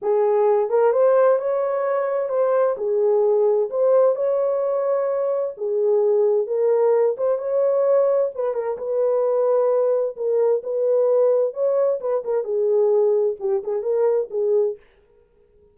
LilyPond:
\new Staff \with { instrumentName = "horn" } { \time 4/4 \tempo 4 = 130 gis'4. ais'8 c''4 cis''4~ | cis''4 c''4 gis'2 | c''4 cis''2. | gis'2 ais'4. c''8 |
cis''2 b'8 ais'8 b'4~ | b'2 ais'4 b'4~ | b'4 cis''4 b'8 ais'8 gis'4~ | gis'4 g'8 gis'8 ais'4 gis'4 | }